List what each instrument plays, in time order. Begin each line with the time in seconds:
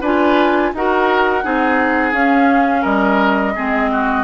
0.00 bassoon D4, clarinet F4, oboe B4, flute G#5
0.73 bassoon D#4, clarinet F#4, oboe A#4, flute F#5
1.42 bassoon C4, clarinet D#4, oboe G#4
2.12 bassoon C#4, clarinet C#4, flute F5
2.81 bassoon G3, oboe A#4, flute D#5
3.55 bassoon G#3, clarinet C4, oboe G#4
3.91 oboe F#4